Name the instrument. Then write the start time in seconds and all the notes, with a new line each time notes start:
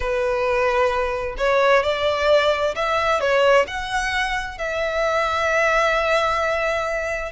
violin
0.00 B4
1.37 C#5
1.83 D5
2.75 E5
3.20 C#5
3.67 F#5
4.58 E5